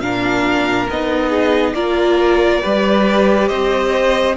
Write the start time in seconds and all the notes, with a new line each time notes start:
0.00 A#2 D4 A#4 F5
0.90 B3 D#4 D#5
1.29 G#4
1.74 A#3 F4 A#4 D5
2.62 G3 G4 B4
3.48 C4 C5 D#5